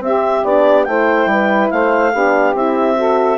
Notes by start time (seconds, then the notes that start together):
0.00 C4 G4 E5
0.44 B3 D4 D5
0.84 A3 E4 C5 G5
1.26 G3 B4
1.70 A3 C5 F5
2.12 B3 D4 G4
2.54 C4 E4 E5
2.97 F#4 A4